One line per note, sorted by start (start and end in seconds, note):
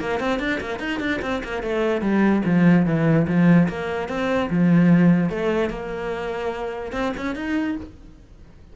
0.00 0.20 A#3
0.20 0.39 C4
0.39 0.60 D4
0.60 0.79 A#3
0.79 1.00 D#4
1.00 1.20 D4
1.22 1.42 C4
1.44 1.63 A#3
1.63 2.01 A3
2.01 2.42 G3
2.45 2.86 F3
2.86 3.26 E3
3.27 3.68 F3
3.68 4.08 A#3
4.08 4.49 C4
4.50 5.29 F3
5.29 5.70 A3
5.70 6.92 A#3
6.92 7.12 C4
7.17 7.35 C#4
7.35 7.76 D#4